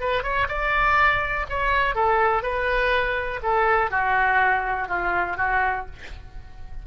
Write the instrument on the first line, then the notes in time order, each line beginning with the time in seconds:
oboe
0.00 B4
0.23 C#5
0.48 D5
1.49 C#5
1.95 A4
2.42 B4
3.42 A4
3.90 F#4
4.88 F4
5.37 F#4